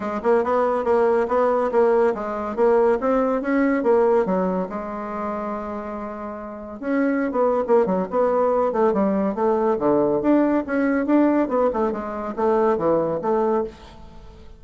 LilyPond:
\new Staff \with { instrumentName = "bassoon" } { \time 4/4 \tempo 4 = 141 gis8 ais8 b4 ais4 b4 | ais4 gis4 ais4 c'4 | cis'4 ais4 fis4 gis4~ | gis1 |
cis'4~ cis'16 b8. ais8 fis8 b4~ | b8 a8 g4 a4 d4 | d'4 cis'4 d'4 b8 a8 | gis4 a4 e4 a4 | }